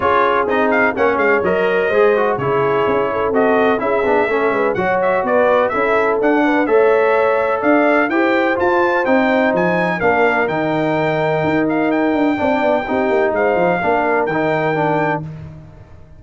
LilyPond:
<<
  \new Staff \with { instrumentName = "trumpet" } { \time 4/4 \tempo 4 = 126 cis''4 dis''8 f''8 fis''8 f''8 dis''4~ | dis''4 cis''2 dis''4 | e''2 fis''8 e''8 d''4 | e''4 fis''4 e''2 |
f''4 g''4 a''4 g''4 | gis''4 f''4 g''2~ | g''8 f''8 g''2. | f''2 g''2 | }
  \new Staff \with { instrumentName = "horn" } { \time 4/4 gis'2 cis''2 | c''4 gis'4. a'4. | gis'4 a'8 b'8 cis''4 b'4 | a'4. b'8 cis''2 |
d''4 c''2.~ | c''4 ais'2.~ | ais'2 d''4 g'4 | c''4 ais'2. | }
  \new Staff \with { instrumentName = "trombone" } { \time 4/4 f'4 dis'4 cis'4 ais'4 | gis'8 fis'8 e'2 fis'4 | e'8 d'8 cis'4 fis'2 | e'4 d'4 a'2~ |
a'4 g'4 f'4 dis'4~ | dis'4 d'4 dis'2~ | dis'2 d'4 dis'4~ | dis'4 d'4 dis'4 d'4 | }
  \new Staff \with { instrumentName = "tuba" } { \time 4/4 cis'4 c'4 ais8 gis8 fis4 | gis4 cis4 cis'4 c'4 | cis'8 b8 a8 gis8 fis4 b4 | cis'4 d'4 a2 |
d'4 e'4 f'4 c'4 | f4 ais4 dis2 | dis'4. d'8 c'8 b8 c'8 ais8 | gis8 f8 ais4 dis2 | }
>>